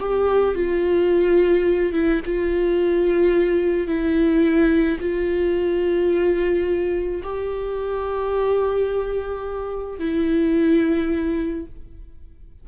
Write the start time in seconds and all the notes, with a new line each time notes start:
0.00 G4
0.55 F4
1.93 E4
2.26 F4
3.88 E4
5.00 F4
7.23 G4
9.99 E4